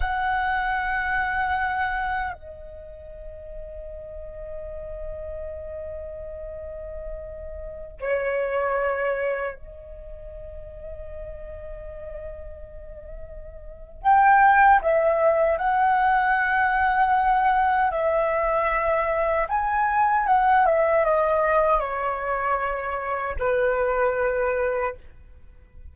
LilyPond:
\new Staff \with { instrumentName = "flute" } { \time 4/4 \tempo 4 = 77 fis''2. dis''4~ | dis''1~ | dis''2~ dis''16 cis''4.~ cis''16~ | cis''16 dis''2.~ dis''8.~ |
dis''2 g''4 e''4 | fis''2. e''4~ | e''4 gis''4 fis''8 e''8 dis''4 | cis''2 b'2 | }